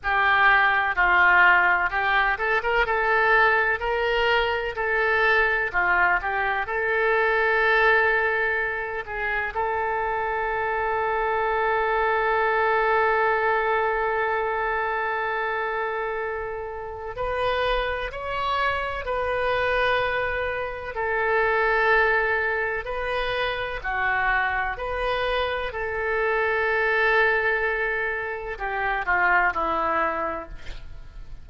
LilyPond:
\new Staff \with { instrumentName = "oboe" } { \time 4/4 \tempo 4 = 63 g'4 f'4 g'8 a'16 ais'16 a'4 | ais'4 a'4 f'8 g'8 a'4~ | a'4. gis'8 a'2~ | a'1~ |
a'2 b'4 cis''4 | b'2 a'2 | b'4 fis'4 b'4 a'4~ | a'2 g'8 f'8 e'4 | }